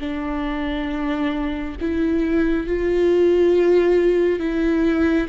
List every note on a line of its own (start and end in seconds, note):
0.00 1.76 D4
1.81 2.68 E4
2.68 4.40 F4
4.40 5.28 E4